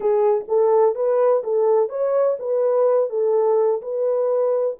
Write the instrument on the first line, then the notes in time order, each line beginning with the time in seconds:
horn
0.00 G#4
0.48 A4
0.95 B4
1.43 A4
1.89 C#5
2.39 B4
3.09 A4
3.81 B4